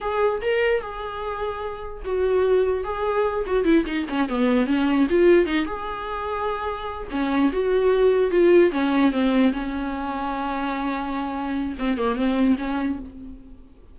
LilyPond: \new Staff \with { instrumentName = "viola" } { \time 4/4 \tempo 4 = 148 gis'4 ais'4 gis'2~ | gis'4 fis'2 gis'4~ | gis'8 fis'8 e'8 dis'8 cis'8 b4 cis'8~ | cis'8 f'4 dis'8 gis'2~ |
gis'4. cis'4 fis'4.~ | fis'8 f'4 cis'4 c'4 cis'8~ | cis'1~ | cis'4 c'8 ais8 c'4 cis'4 | }